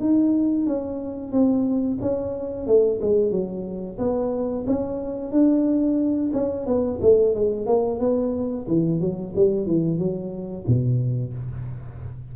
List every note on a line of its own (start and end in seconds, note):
0.00 0.66 D#4
0.66 1.32 C#4
1.32 1.98 C4
2.01 2.67 C#4
2.67 3.00 A3
3.01 3.31 G#3
3.31 3.98 F#3
3.98 4.65 B3
4.67 5.32 C#4
5.32 6.32 D4
6.33 6.66 C#4
6.66 6.99 B3
7.02 7.35 A3
7.35 7.66 G#3
7.66 7.99 A#3
7.99 8.66 B3
8.68 9.00 E3
9.00 9.34 F#3
9.35 9.66 G3
9.66 9.98 E3
9.98 10.65 F#3
10.67 11.34 B2